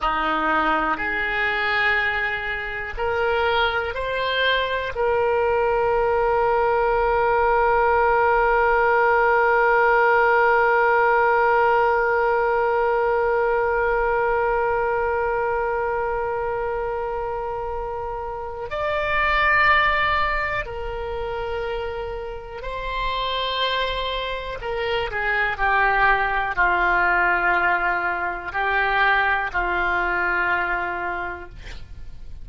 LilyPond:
\new Staff \with { instrumentName = "oboe" } { \time 4/4 \tempo 4 = 61 dis'4 gis'2 ais'4 | c''4 ais'2.~ | ais'1~ | ais'1~ |
ais'2. d''4~ | d''4 ais'2 c''4~ | c''4 ais'8 gis'8 g'4 f'4~ | f'4 g'4 f'2 | }